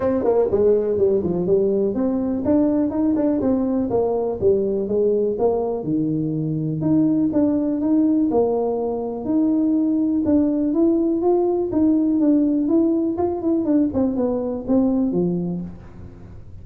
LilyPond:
\new Staff \with { instrumentName = "tuba" } { \time 4/4 \tempo 4 = 123 c'8 ais8 gis4 g8 f8 g4 | c'4 d'4 dis'8 d'8 c'4 | ais4 g4 gis4 ais4 | dis2 dis'4 d'4 |
dis'4 ais2 dis'4~ | dis'4 d'4 e'4 f'4 | dis'4 d'4 e'4 f'8 e'8 | d'8 c'8 b4 c'4 f4 | }